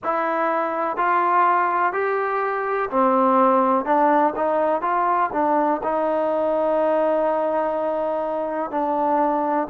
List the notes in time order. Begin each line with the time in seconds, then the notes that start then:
0.03 E4
0.97 F4
1.93 G4
2.90 C4
3.85 D4
4.35 D#4
4.81 F4
5.32 D4
5.83 D#4
8.71 D4